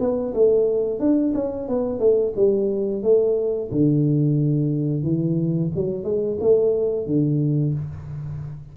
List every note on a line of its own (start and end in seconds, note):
0.00 0.34 B3
0.34 1.00 A3
1.00 1.33 D4
1.35 1.68 C#4
1.69 1.99 B3
1.99 2.33 A3
2.36 3.03 G3
3.03 3.70 A3
3.72 5.03 D3
5.03 5.71 E3
5.75 6.04 F#3
6.04 6.38 G#3
6.40 7.07 A3
7.07 7.74 D3